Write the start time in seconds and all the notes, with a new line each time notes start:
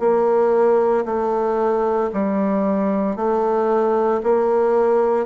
0.00 A#3
1.06 A3
2.13 G3
3.16 A3
4.23 A#3